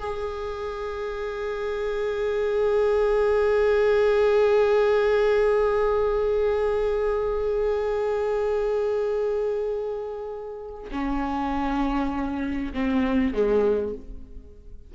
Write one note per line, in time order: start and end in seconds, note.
0.00 10.91 G#4
10.92 12.74 C#4
12.74 13.34 C4
13.34 13.94 G#3